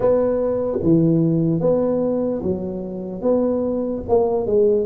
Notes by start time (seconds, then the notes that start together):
0.00 B3
0.83 E3
1.60 B3
2.42 F#3
3.21 B3
4.08 A#3
4.46 G#3